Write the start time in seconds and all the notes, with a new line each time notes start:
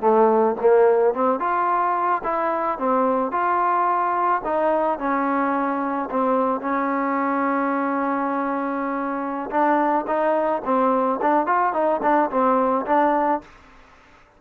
0.00 A3
0.60 A#3
1.14 C4
1.39 F4
2.23 E4
2.78 C4
3.31 F4
4.44 D#4
4.99 C#4
6.10 C4
6.61 C#4
9.50 D4
10.07 D#4
10.64 C4
11.21 D4
11.46 F4
11.73 D#4
12.02 D4
12.30 C4
12.86 D4